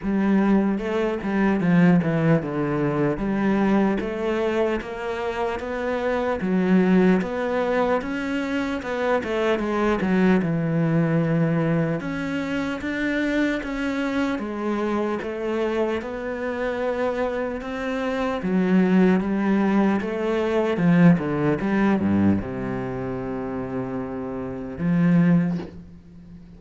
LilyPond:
\new Staff \with { instrumentName = "cello" } { \time 4/4 \tempo 4 = 75 g4 a8 g8 f8 e8 d4 | g4 a4 ais4 b4 | fis4 b4 cis'4 b8 a8 | gis8 fis8 e2 cis'4 |
d'4 cis'4 gis4 a4 | b2 c'4 fis4 | g4 a4 f8 d8 g8 g,8 | c2. f4 | }